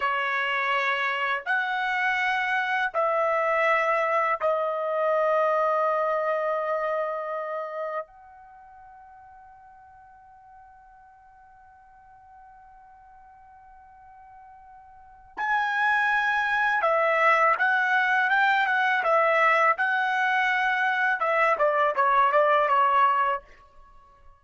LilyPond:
\new Staff \with { instrumentName = "trumpet" } { \time 4/4 \tempo 4 = 82 cis''2 fis''2 | e''2 dis''2~ | dis''2. fis''4~ | fis''1~ |
fis''1~ | fis''4 gis''2 e''4 | fis''4 g''8 fis''8 e''4 fis''4~ | fis''4 e''8 d''8 cis''8 d''8 cis''4 | }